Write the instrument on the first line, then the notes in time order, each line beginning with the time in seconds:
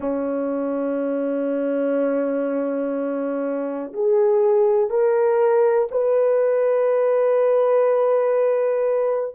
horn
0.00 C#4
3.93 G#4
4.90 A#4
5.91 B4